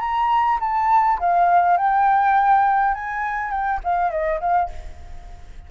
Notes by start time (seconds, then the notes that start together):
0.00 A#5
0.60 A5
1.19 F5
1.77 G5
2.94 G#5
3.51 G5
3.84 F5
4.10 D#5
4.40 F5